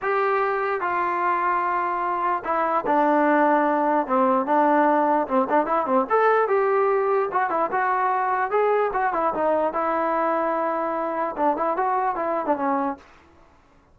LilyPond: \new Staff \with { instrumentName = "trombone" } { \time 4/4 \tempo 4 = 148 g'2 f'2~ | f'2 e'4 d'4~ | d'2 c'4 d'4~ | d'4 c'8 d'8 e'8 c'8 a'4 |
g'2 fis'8 e'8 fis'4~ | fis'4 gis'4 fis'8 e'8 dis'4 | e'1 | d'8 e'8 fis'4 e'8. d'16 cis'4 | }